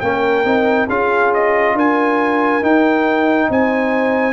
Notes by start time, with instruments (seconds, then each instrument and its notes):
0.00 tuba A#3, trombone C#4, horn A#4, trumpet G5
0.44 tuba C4, trombone D#4
0.87 tuba C#4, trombone F4, horn G#4, trumpet F5
1.33 trumpet D#5
1.74 tuba D4, horn A#4, trumpet G#5
2.62 tuba D#4, trombone D#4, trumpet G5
3.49 tuba C4, horn C5, trumpet G#5